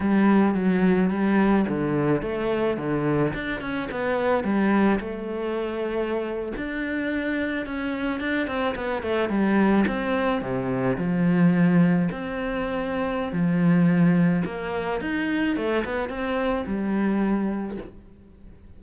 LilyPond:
\new Staff \with { instrumentName = "cello" } { \time 4/4 \tempo 4 = 108 g4 fis4 g4 d4 | a4 d4 d'8 cis'8 b4 | g4 a2~ a8. d'16~ | d'4.~ d'16 cis'4 d'8 c'8 b16~ |
b16 a8 g4 c'4 c4 f16~ | f4.~ f16 c'2~ c'16 | f2 ais4 dis'4 | a8 b8 c'4 g2 | }